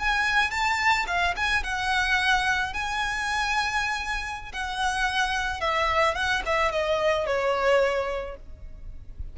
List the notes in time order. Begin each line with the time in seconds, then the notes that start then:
0.00 G#5
0.51 A5
1.07 F5
1.36 G#5
1.64 F#5
2.73 G#5
4.53 F#5
5.61 E5
6.15 F#5
6.46 E5
6.72 D#5
7.26 C#5